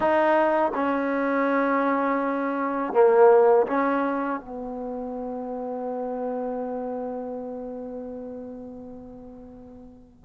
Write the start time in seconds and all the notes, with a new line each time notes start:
0.00 D#4
0.74 C#4
2.93 A#3
3.67 C#4
4.40 B3